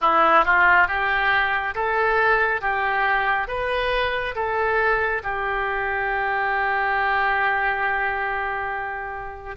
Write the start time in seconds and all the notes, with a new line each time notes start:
0.01 E4
0.44 F4
0.87 G4
1.74 A4
2.61 G4
3.47 B4
4.35 A4
5.23 G4